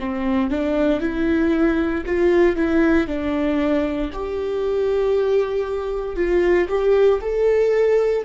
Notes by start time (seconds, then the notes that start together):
0.00 C4
0.51 D4
1.01 E4
2.06 F4
2.56 E4
3.08 D4
4.13 G4
6.16 F4
6.69 G4
7.21 A4